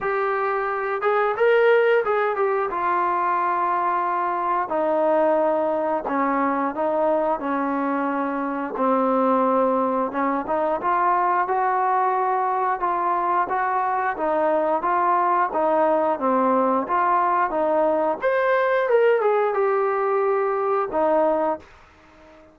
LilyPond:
\new Staff \with { instrumentName = "trombone" } { \time 4/4 \tempo 4 = 89 g'4. gis'8 ais'4 gis'8 g'8 | f'2. dis'4~ | dis'4 cis'4 dis'4 cis'4~ | cis'4 c'2 cis'8 dis'8 |
f'4 fis'2 f'4 | fis'4 dis'4 f'4 dis'4 | c'4 f'4 dis'4 c''4 | ais'8 gis'8 g'2 dis'4 | }